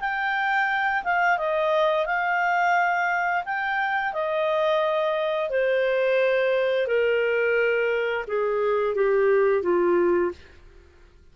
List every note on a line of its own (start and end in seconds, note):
0.00 1.03 G5
1.04 1.38 F5
1.38 2.06 D#5
2.06 3.44 F5
3.45 4.13 G5
4.13 5.50 D#5
5.50 6.87 C5
6.87 8.25 A#4
8.27 8.95 G#4
8.95 9.62 G4
9.62 10.31 F4